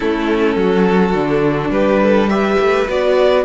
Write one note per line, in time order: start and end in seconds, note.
0.00 0.56 A3
0.00 1.14 C#4
0.00 0.56 E4
0.00 1.70 A4
0.56 1.13 F#3
0.56 1.72 F#4
1.14 1.69 D3
1.14 2.29 D4
1.69 2.56 G3
1.69 2.01 G4
1.69 2.29 B4
2.02 2.30 A4
2.29 2.87 G4
2.29 3.45 B4
2.29 2.87 E5
2.59 2.88 A3
2.88 3.45 B3
2.88 3.45 F#4
2.88 3.45 D5